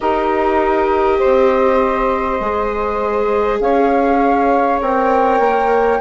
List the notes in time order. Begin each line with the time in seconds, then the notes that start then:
0.00 D#4 G4 A#4 D#5
1.18 C5
1.24 C4
2.40 G#3 G#4
3.60 C#4 C#5 F5
4.81 C4 A#4 G5
5.39 A#3